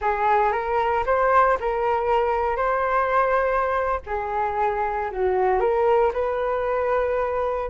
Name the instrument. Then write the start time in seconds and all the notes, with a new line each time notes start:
flute
0.01 G#4
0.52 A#4
1.06 C5
1.60 A#4
2.56 C5
4.06 G#4
5.11 F#4
5.59 A#4
6.13 B4